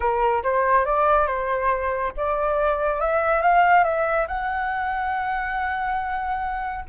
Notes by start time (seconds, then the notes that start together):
0.00 A#4
0.43 C5
0.85 D5
1.26 C5
2.16 D5
3.00 E5
3.42 F5
3.84 E5
4.27 F#5